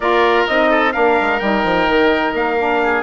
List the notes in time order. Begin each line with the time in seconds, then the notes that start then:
0.00 A#3 F4 A#4 D5
0.47 C4 D#4 D#5
0.69 A4
0.92 A#3 D4 A#4 F5
1.21 G#3
1.39 G3 D#4 G5
1.64 F3
1.88 D#3
2.33 A#3 F5
2.58 D4
2.83 G#4